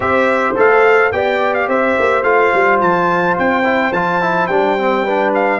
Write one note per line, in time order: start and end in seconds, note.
0.00 0.54 C4
0.00 0.55 G4
0.00 1.14 C5
0.00 0.55 E5
0.55 1.12 A3
0.55 1.12 A4
0.55 1.11 F5
1.11 1.68 B3
1.11 2.24 G4
1.11 1.68 D5
1.11 1.54 G5
1.54 1.68 F5
1.68 1.96 C4
1.68 5.03 C5
1.68 2.23 E5
1.98 2.23 A#3
2.23 2.51 A3
2.23 3.63 F4
2.23 2.79 F5
2.53 2.81 G3
2.80 3.37 F3
2.80 3.36 A5
3.38 3.92 C4
3.38 3.92 G5
3.63 3.91 E4
3.92 4.48 F3
3.92 4.21 F4
3.92 4.47 A5
4.21 4.49 E4
4.47 5.60 G3
4.47 4.78 D4
4.47 5.31 G5
4.78 5.06 C4
5.03 5.60 D4
5.03 5.59 B4
5.34 5.60 F5